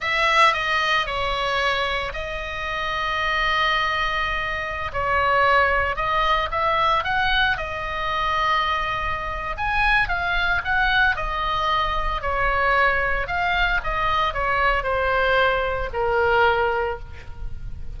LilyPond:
\new Staff \with { instrumentName = "oboe" } { \time 4/4 \tempo 4 = 113 e''4 dis''4 cis''2 | dis''1~ | dis''4~ dis''16 cis''2 dis''8.~ | dis''16 e''4 fis''4 dis''4.~ dis''16~ |
dis''2 gis''4 f''4 | fis''4 dis''2 cis''4~ | cis''4 f''4 dis''4 cis''4 | c''2 ais'2 | }